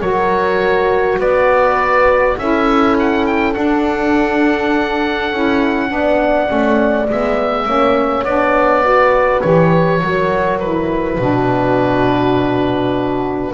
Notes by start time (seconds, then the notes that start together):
0.00 F#3 F#4 A#4 C#5
1.18 B3 B4 D5
2.37 C#4 E4 A4 E5
2.99 F#5
3.26 G5
3.53 D4 F#5
5.32 C#4 E4
5.87 B3 D4 D5
6.46 A3 C#4
7.09 G#3 B3 E5
7.65 A#3 C#4 C#5
8.23 B3 D4 D5
8.82 F#4 B4
9.41 E3 G4 C#5
10.01 F#3 F#4 A#4
10.59 E4 B4
11.19 B2 D4 F#4